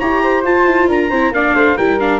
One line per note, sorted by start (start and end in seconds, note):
0.00 0.44 E4
0.00 0.45 G4
0.00 0.22 C#5
0.00 0.44 A#5
0.23 0.88 C5
0.44 0.66 F4
0.44 1.12 F4
0.44 0.90 A5
0.66 0.89 E4
0.88 1.11 D4
0.88 1.10 A#4
0.88 1.34 A#5
1.10 1.31 C4
1.10 1.34 E4
1.10 1.32 C5
1.31 1.54 A#3
1.31 1.79 D4
1.31 1.55 D5
1.31 1.78 F5
1.55 1.77 A3
1.55 1.77 C5
1.77 2.20 G3
1.77 2.00 E4
1.77 2.20 A#4
1.77 2.00 G5
2.00 2.20 D4
2.00 2.20 F5